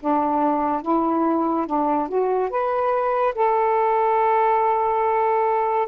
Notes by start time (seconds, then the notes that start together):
0.00 D4
0.82 E4
1.67 D4
2.09 F#4
2.50 B4
3.35 A4